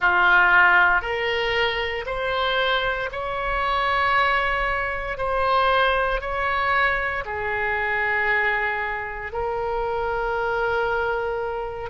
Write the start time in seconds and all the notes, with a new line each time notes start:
0.00 F4
1.01 A#4
2.05 C5
3.12 C#5
5.17 C5
6.20 C#5
7.25 G#4
9.32 A#4